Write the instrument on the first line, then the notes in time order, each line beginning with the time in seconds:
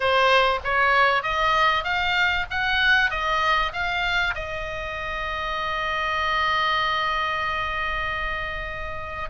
oboe
0.00 C5
0.64 C#5
1.22 D#5
1.84 F5
2.50 F#5
3.10 D#5
3.72 F5
4.34 D#5